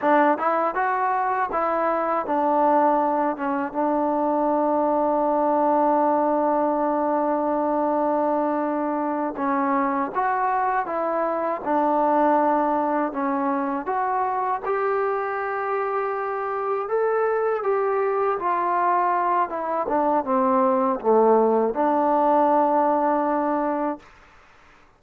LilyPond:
\new Staff \with { instrumentName = "trombone" } { \time 4/4 \tempo 4 = 80 d'8 e'8 fis'4 e'4 d'4~ | d'8 cis'8 d'2.~ | d'1~ | d'8 cis'4 fis'4 e'4 d'8~ |
d'4. cis'4 fis'4 g'8~ | g'2~ g'8 a'4 g'8~ | g'8 f'4. e'8 d'8 c'4 | a4 d'2. | }